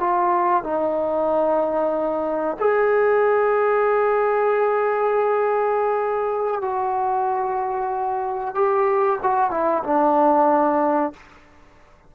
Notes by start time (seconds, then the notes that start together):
0.00 F4
0.64 D#4
2.60 G#4
6.61 F#4
8.55 G4
9.23 F#4
9.51 E4
9.84 D4